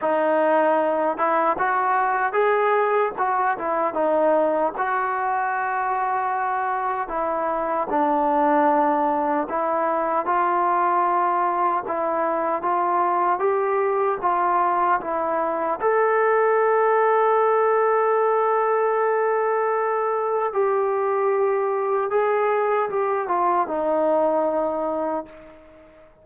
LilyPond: \new Staff \with { instrumentName = "trombone" } { \time 4/4 \tempo 4 = 76 dis'4. e'8 fis'4 gis'4 | fis'8 e'8 dis'4 fis'2~ | fis'4 e'4 d'2 | e'4 f'2 e'4 |
f'4 g'4 f'4 e'4 | a'1~ | a'2 g'2 | gis'4 g'8 f'8 dis'2 | }